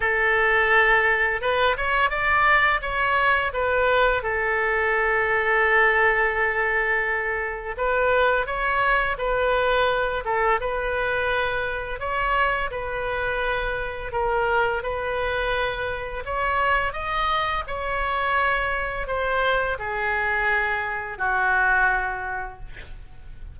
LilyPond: \new Staff \with { instrumentName = "oboe" } { \time 4/4 \tempo 4 = 85 a'2 b'8 cis''8 d''4 | cis''4 b'4 a'2~ | a'2. b'4 | cis''4 b'4. a'8 b'4~ |
b'4 cis''4 b'2 | ais'4 b'2 cis''4 | dis''4 cis''2 c''4 | gis'2 fis'2 | }